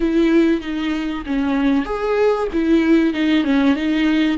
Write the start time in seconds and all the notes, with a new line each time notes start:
0.00 E4
0.61 D#4
1.26 C#4
1.85 G#4
2.52 E4
3.13 D#4
3.44 C#4
3.75 D#4